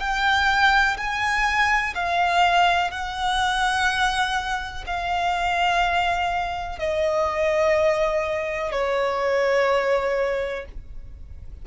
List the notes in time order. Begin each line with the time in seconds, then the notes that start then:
0.00 G5
0.97 G#5
1.94 F5
2.91 F#5
4.87 F5
6.78 D#5
8.71 C#5